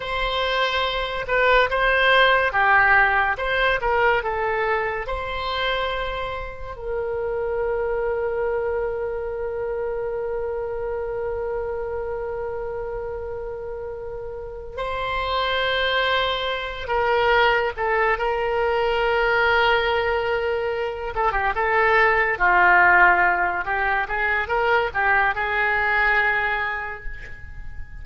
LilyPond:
\new Staff \with { instrumentName = "oboe" } { \time 4/4 \tempo 4 = 71 c''4. b'8 c''4 g'4 | c''8 ais'8 a'4 c''2 | ais'1~ | ais'1~ |
ais'4. c''2~ c''8 | ais'4 a'8 ais'2~ ais'8~ | ais'4 a'16 g'16 a'4 f'4. | g'8 gis'8 ais'8 g'8 gis'2 | }